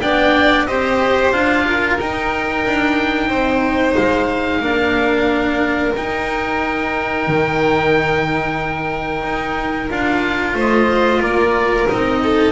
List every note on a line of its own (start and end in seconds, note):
0.00 0.66 B3
0.00 0.67 D4
0.00 0.67 D5
0.00 0.66 G5
0.66 1.32 C4
0.66 1.33 G4
0.66 1.66 C5
0.66 1.31 D#5
1.31 1.98 D4
1.31 1.99 F4
1.31 1.97 F5
1.67 3.27 A#4
1.99 2.65 D#4
1.99 4.62 D#4
1.99 3.95 G5
2.66 3.30 D4
3.27 3.95 C4
3.27 4.59 C5
3.95 4.60 G#3
3.95 5.93 F5
4.60 5.92 A#3
4.60 5.94 D4
4.60 10.55 A#4
5.95 9.90 D#4
5.95 7.27 D#4
5.95 9.91 G5
7.27 9.23 D#3
9.23 9.89 D#4
9.90 10.54 D4
9.90 11.88 F4
9.90 10.57 F5
10.54 11.20 A3
10.54 11.21 C5
10.54 11.22 D#5
11.20 11.86 A#3
11.20 12.20 A#4
11.20 11.88 D5
11.88 12.52 C4
11.88 12.52 D#4
11.88 12.52 D#5
12.23 12.52 A4